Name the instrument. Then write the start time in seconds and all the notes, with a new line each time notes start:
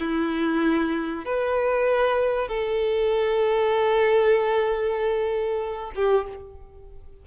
violin
0.00 E4
1.25 B4
2.48 A4
5.95 G4